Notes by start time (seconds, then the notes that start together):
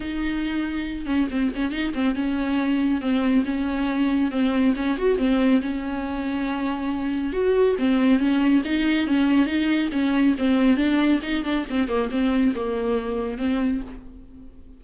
0.00 D#4
1.06 C#4
1.31 C4
1.55 C#4
1.71 D#4
1.94 C4
2.15 C#4
3.01 C4
3.45 C#4
4.31 C4
4.76 C#4
4.97 F#4
5.18 C4
5.61 C#4
7.32 F#4
7.78 C4
8.19 C#4
8.64 D#4
9.07 C#4
9.46 D#4
9.91 C#4
10.38 C4
10.76 D4
11.22 D#4
11.44 D4
11.69 C4
11.88 A#3
12.10 C4
12.55 A#3
13.38 C4